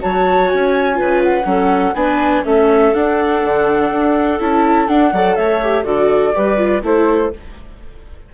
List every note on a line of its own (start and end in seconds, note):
0.00 0.52 F#3
0.00 0.94 F#4
0.00 0.97 C#5
0.00 0.48 A5
0.48 0.99 C#4
0.48 1.21 G#5
0.94 1.45 C#3
0.94 1.42 F4
0.94 1.46 B4
1.23 1.94 F#5
1.45 1.93 F#3
1.45 1.93 C#4
1.45 1.96 A4
1.94 2.43 B3
1.94 2.44 D4
1.94 2.45 B4
1.94 2.43 G#5
2.44 2.93 A3
2.44 2.93 C#4
2.44 5.11 A4
2.44 2.93 E5
2.93 3.42 D4
2.93 4.39 D4
2.93 4.40 F#5
3.44 3.91 D3
3.91 4.40 D4
4.39 4.88 C#4
4.39 4.87 E4
4.39 4.88 A5
4.87 5.12 D4
4.87 5.35 F#5
5.11 5.37 F#3
5.11 5.62 A4
5.11 5.35 D5
5.35 5.84 A3
5.35 5.84 C#5
5.35 5.84 E5
5.62 5.84 G4
5.84 6.33 D3
5.84 6.33 F#4
5.84 6.33 A4
5.84 6.82 D5
6.34 6.82 G3
6.34 6.57 G4
6.34 6.84 B4
6.57 6.82 F4
6.82 7.31 A3
6.82 7.32 E4
6.82 7.33 A4
6.82 7.34 C5